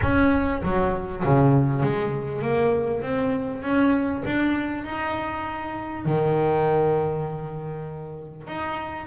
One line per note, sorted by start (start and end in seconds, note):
0.02 0.62 C#4
0.63 1.23 F#3
1.24 1.83 C#3
1.83 2.42 G#3
2.42 3.02 A#3
3.02 3.62 C4
3.62 4.23 C#4
4.25 4.84 D4
4.84 6.05 D#4
6.05 8.47 D#3
8.47 9.06 D#4